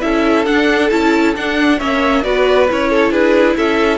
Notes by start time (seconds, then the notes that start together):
0.00 C#4 E4 A4 E5
0.45 D4 F#5
0.89 C#4 E4 A5
1.36 D4 F#5
1.77 A#3 C#4 C#5 E5
2.23 B3 F#4 B4 D5
2.68 C#4 E4 C#5
2.89 A4
3.10 D4 G#4 B4
3.56 C#4 A4 E5